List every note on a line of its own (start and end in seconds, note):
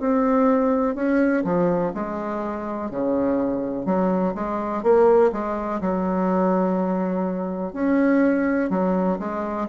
0.00 0.95 C4
0.95 1.44 C#4
1.45 1.93 F3
1.94 2.91 G#3
2.91 3.86 C#3
3.86 4.34 F#3
4.35 4.83 G#3
4.83 5.32 A#3
5.33 5.81 G#3
5.82 7.73 F#3
7.73 8.70 C#4
8.71 9.19 F#3
9.19 9.68 G#3